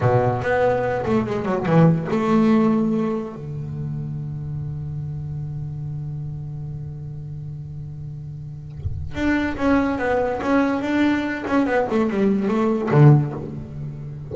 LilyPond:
\new Staff \with { instrumentName = "double bass" } { \time 4/4 \tempo 4 = 144 b,4 b4. a8 gis8 fis8 | e4 a2. | d1~ | d1~ |
d1~ | d2 d'4 cis'4 | b4 cis'4 d'4. cis'8 | b8 a8 g4 a4 d4 | }